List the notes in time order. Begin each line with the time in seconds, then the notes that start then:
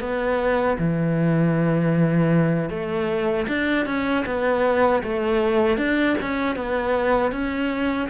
0.00 B3
0.78 E3
2.70 A3
3.48 D4
3.86 C#4
4.26 B3
5.03 A3
5.77 D4
6.21 C#4
6.56 B3
7.32 C#4